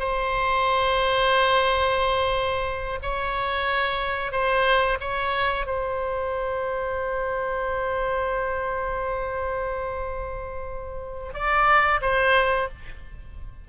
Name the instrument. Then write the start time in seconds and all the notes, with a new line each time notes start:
oboe
0.00 C5
3.02 C#5
4.32 C5
5.01 C#5
5.67 C5
11.34 D5
12.02 C5